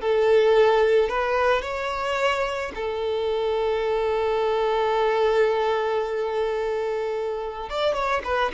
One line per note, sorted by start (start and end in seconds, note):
0.00 1.09 A4
1.09 1.62 B4
1.62 2.72 C#5
2.75 7.69 A4
7.69 7.94 D5
7.94 8.21 C#5
8.24 8.51 B4